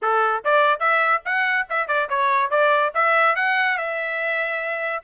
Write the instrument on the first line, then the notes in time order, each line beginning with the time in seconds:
trumpet
0.02 A4
0.44 D5
0.79 E5
1.25 F#5
1.69 E5
1.87 D5
2.09 C#5
2.50 D5
2.94 E5
3.35 F#5
3.77 E5